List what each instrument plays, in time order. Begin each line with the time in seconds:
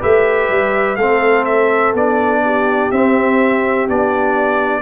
0.00 tuba A3, trombone G4, horn B4, trumpet E5
0.50 tuba G3
0.96 tuba A3, trombone C4, horn A4, trumpet F5
1.45 trumpet E5
1.94 tuba B3, trombone D4, trumpet D5
2.44 horn G4
2.92 tuba C4, trombone C4, trumpet E5
3.89 tuba B3, trombone D4, trumpet D5